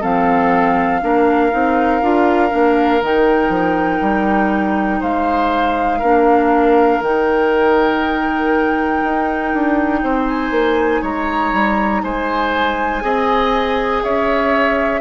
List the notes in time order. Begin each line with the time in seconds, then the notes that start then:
0.00 F3 C4 A4 F5
1.01 A#3 D4 A#4
1.50 C4 D#4
2.01 D4 F4
2.49 A#3 D4
3.01 D#3 D#4 G5
3.48 F3
4.01 G3
5.00 G#3 C5 F5
5.99 A#3 D4 A#4
7.01 D#3 D#4 G5
9.03 D#4
9.53 D4
10.03 C4 C5
10.28 G#5
10.50 A#3
11.01 G#3 C#5 A#5
11.53 G3
12.03 G#3 C5 G#5
13.01 C4 G#4 D#5
14.03 C#4 C#5 E5